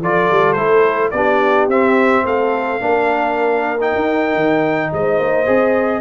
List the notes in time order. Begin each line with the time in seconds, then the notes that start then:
0.00 F3 F4 A4 D5
0.30 G3
0.53 A3 E4 C5
1.11 B3 D4 G4 D5
1.67 C4 E5
2.24 A3 A4 F5
2.80 A#3 D4 A#4
3.80 D#4 G5
3.95 D#4
4.35 D#3
4.93 G#3 C5 D#5
5.18 A#3
5.45 C4 G#4